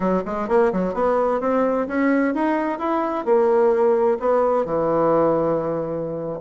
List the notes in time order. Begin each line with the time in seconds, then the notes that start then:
0.00 F#3
0.25 G#3
0.48 A#3
0.72 F#3
0.94 B3
1.40 C4
1.87 C#4
2.34 D#4
2.79 E4
3.25 A#3
4.19 B3
4.65 E3